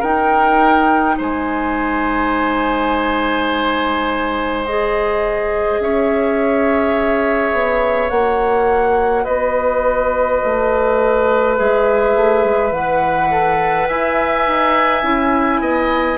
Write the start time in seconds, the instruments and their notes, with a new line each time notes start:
0.00 bassoon D#4, clarinet D#4, oboe A#4, flute G5
1.18 bassoon G#3, oboe C5, flute G#5
4.66 clarinet G#4, flute D#5
5.80 bassoon C#4, oboe C#5, flute E5
7.53 bassoon B3
8.10 bassoon A#3, clarinet F#4, flute F#5
9.24 bassoon B3, oboe B4, flute D#5
10.45 bassoon A3
11.57 bassoon G#3, clarinet G#4, flute E5
12.16 bassoon A3
12.44 bassoon G#3
12.72 bassoon E3, clarinet B4, flute F#5
13.31 oboe A4
13.88 bassoon E4, oboe E5, flute G#5
14.47 bassoon D#4
15.03 bassoon C#4, clarinet E4
15.60 bassoon B3, oboe D#5